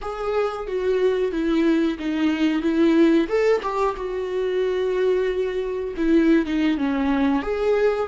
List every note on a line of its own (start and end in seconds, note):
0.01 0.67 G#4
0.67 1.32 F#4
1.32 1.98 E4
1.98 2.61 D#4
2.61 3.27 E4
3.28 3.61 A4
3.62 3.95 G4
3.96 5.94 F#4
5.96 6.46 E4
6.46 6.77 D#4
6.77 7.42 C#4
7.42 8.08 G#4